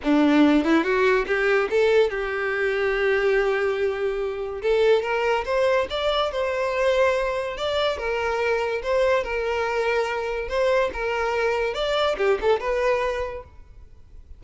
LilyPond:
\new Staff \with { instrumentName = "violin" } { \time 4/4 \tempo 4 = 143 d'4. e'8 fis'4 g'4 | a'4 g'2.~ | g'2. a'4 | ais'4 c''4 d''4 c''4~ |
c''2 d''4 ais'4~ | ais'4 c''4 ais'2~ | ais'4 c''4 ais'2 | d''4 g'8 a'8 b'2 | }